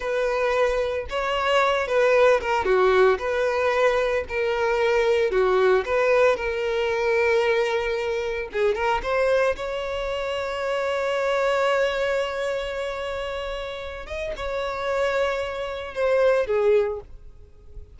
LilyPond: \new Staff \with { instrumentName = "violin" } { \time 4/4 \tempo 4 = 113 b'2 cis''4. b'8~ | b'8 ais'8 fis'4 b'2 | ais'2 fis'4 b'4 | ais'1 |
gis'8 ais'8 c''4 cis''2~ | cis''1~ | cis''2~ cis''8 dis''8 cis''4~ | cis''2 c''4 gis'4 | }